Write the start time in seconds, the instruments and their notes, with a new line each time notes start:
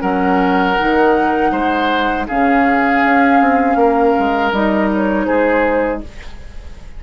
0.00 bassoon F#3, clarinet C#4, oboe A#4, flute F#5
0.79 bassoon D#3, clarinet D#4
1.51 bassoon G#3, oboe C5
2.27 bassoon C#3, clarinet C#4, oboe G#4, flute F5
3.04 bassoon C#4
3.41 bassoon C4
3.75 bassoon A#3, oboe A#4
4.18 bassoon G#3
4.51 bassoon G3, clarinet D#4, flute D#5
4.93 flute C#5
5.25 bassoon G#3, oboe G#4, flute C5